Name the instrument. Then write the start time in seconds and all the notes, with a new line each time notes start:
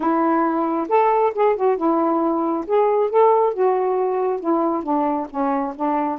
saxophone
0.00 E4
0.88 A4
1.34 G#4
1.56 F#4
1.77 E4
2.67 G#4
3.10 A4
3.53 F#4
4.40 E4
4.83 D4
5.29 C#4
5.75 D4